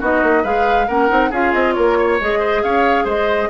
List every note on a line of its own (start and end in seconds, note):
0.00 0.23 B3
0.00 0.44 D#4
0.00 0.43 F#4
0.00 0.45 D#5
0.23 0.45 A#3
0.43 0.88 G#3
0.43 0.87 G#4
0.43 0.87 B4
0.43 0.88 F5
0.88 1.10 A#3
0.88 1.08 C#4
0.88 1.30 A#4
0.88 1.32 F#5
1.08 1.31 C4
1.08 1.30 D#4
1.30 1.53 C#4
1.30 2.20 F4
1.30 1.74 G#4
1.30 1.53 F5
1.53 1.76 C4
1.53 1.73 D#5
1.73 2.21 A#3
1.73 1.97 A#4
1.73 2.17 C#5
1.99 2.39 C#5
2.21 2.63 G#3
2.21 3.50 G#4
2.21 2.63 D#5
2.39 2.61 C5
2.63 3.05 C#4
2.63 3.04 C#5
2.63 3.06 F5
3.04 3.49 G#3
3.04 3.48 C5
3.04 3.50 D#5